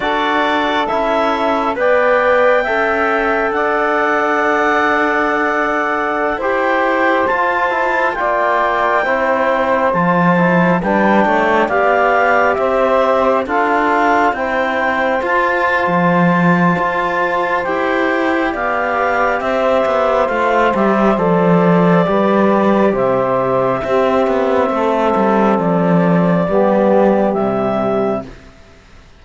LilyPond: <<
  \new Staff \with { instrumentName = "clarinet" } { \time 4/4 \tempo 4 = 68 d''4 e''4 g''2 | fis''2.~ fis''16 g''8.~ | g''16 a''4 g''2 a''8.~ | a''16 g''4 f''4 e''4 f''8.~ |
f''16 g''4 a''2~ a''8. | g''4 f''4 e''4 f''8 e''8 | d''2 e''2~ | e''4 d''2 e''4 | }
  \new Staff \with { instrumentName = "saxophone" } { \time 4/4 a'2 d''4 e''4 | d''2.~ d''16 c''8.~ | c''4~ c''16 d''4 c''4.~ c''16~ | c''16 b'8 cis''8 d''4 c''4 a'8.~ |
a'16 c''2.~ c''8.~ | c''4 d''4 c''2~ | c''4 b'4 c''4 g'4 | a'2 g'2 | }
  \new Staff \with { instrumentName = "trombone" } { \time 4/4 fis'4 e'4 b'4 a'4~ | a'2.~ a'16 g'8.~ | g'16 f'8 e'8 f'4 e'4 f'8 e'16~ | e'16 d'4 g'2 f'8.~ |
f'16 e'4 f'2~ f'8. | g'2. f'8 g'8 | a'4 g'2 c'4~ | c'2 b4 g4 | }
  \new Staff \with { instrumentName = "cello" } { \time 4/4 d'4 cis'4 b4 cis'4 | d'2.~ d'16 e'8.~ | e'16 f'4 ais4 c'4 f8.~ | f16 g8 a8 b4 c'4 d'8.~ |
d'16 c'4 f'8. f4 f'4 | e'4 b4 c'8 b8 a8 g8 | f4 g4 c4 c'8 b8 | a8 g8 f4 g4 c4 | }
>>